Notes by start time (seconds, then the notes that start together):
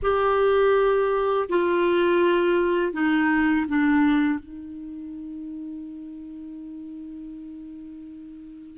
0.02 G4
1.49 F4
2.93 D#4
3.68 D4
4.39 D#4